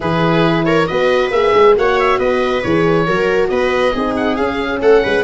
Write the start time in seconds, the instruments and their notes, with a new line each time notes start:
0.00 tuba E3, horn E4, viola G#4, oboe B4
0.64 viola A#4, oboe C#5
0.87 tuba B3, horn F#4, viola B4, oboe D#5
1.30 tuba A#3, horn G#4, oboe E5
1.54 tuba G#3
1.75 tuba A#3, horn F#4, viola C#5, oboe F#5
1.99 oboe E5
2.18 tuba B3, viola B4, oboe D#5
2.62 tuba E3, horn G#4, oboe C#5
3.05 tuba F#3, horn F#4, viola A#4
3.48 tuba B3, viola B4, oboe D#5
3.93 tuba C4, horn D#4, viola G#4
4.16 oboe F#5
4.35 tuba C#4, horn C#4, oboe F5
4.81 tuba A3, viola A4, oboe F#5
5.03 tuba G#3, viola B4